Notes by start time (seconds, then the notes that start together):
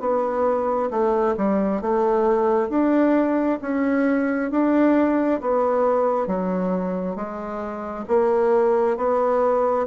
0.00 B3
0.90 A3
1.37 G3
1.81 A3
2.69 D4
3.61 C#4
4.51 D4
5.41 B3
6.27 F#3
7.16 G#3
8.08 A#3
8.97 B3